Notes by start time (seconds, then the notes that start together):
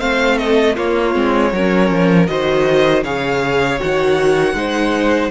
0.00 A3 C4 C5 F5
0.38 A4 D#5
0.76 A#3 F4 C#5
1.13 G#3 C4
1.53 F#3 C#4 A#4
1.91 F3
2.28 D#3 F#4 C5 D#5
3.04 C#3 G#4 C#5 F5
3.79 D#3 F#4 F#5
4.54 G#3 D#4 C5